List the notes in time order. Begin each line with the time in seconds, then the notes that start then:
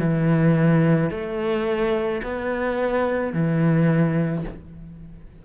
0.00 E3
1.11 A3
2.23 B3
3.34 E3